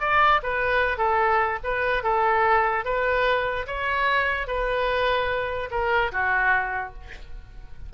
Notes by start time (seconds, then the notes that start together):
0.00 D5
0.42 B4
0.97 A4
1.63 B4
2.03 A4
2.85 B4
3.67 C#5
4.47 B4
5.71 A#4
6.12 F#4